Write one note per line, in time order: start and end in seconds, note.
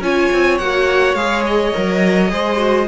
0.00 0.29 C#4
0.00 0.60 F4
0.00 2.32 C#5
0.00 0.58 G#5
0.33 0.59 C4
0.58 1.14 A#3
0.58 1.17 F#4
0.58 1.15 F#5
1.14 1.71 G#3
1.14 1.73 G#4
1.14 1.43 F5
1.46 2.88 D#5
1.73 2.32 F#3
1.73 2.29 A#4
2.29 2.88 G#3
2.29 2.57 G#4
2.29 2.88 C5
2.57 2.86 F#4